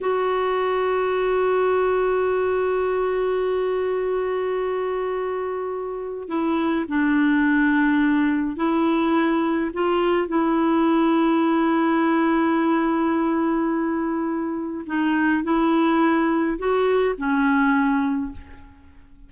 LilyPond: \new Staff \with { instrumentName = "clarinet" } { \time 4/4 \tempo 4 = 105 fis'1~ | fis'1~ | fis'2. e'4 | d'2. e'4~ |
e'4 f'4 e'2~ | e'1~ | e'2 dis'4 e'4~ | e'4 fis'4 cis'2 | }